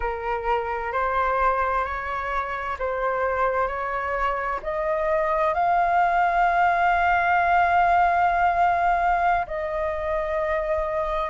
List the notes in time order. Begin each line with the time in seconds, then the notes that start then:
0.00 A#4
0.92 C5
1.85 C#5
2.78 C5
3.67 C#5
4.62 D#5
5.53 F5
9.47 D#5